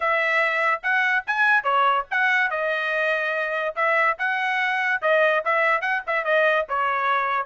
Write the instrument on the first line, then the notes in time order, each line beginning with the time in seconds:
trumpet
0.00 E5
0.82 F#5
1.26 G#5
1.63 C#5
2.10 F#5
2.50 D#5
3.75 E5
4.18 F#5
5.01 D#5
5.44 E5
5.81 F#5
6.06 E5
6.24 D#5
6.68 C#5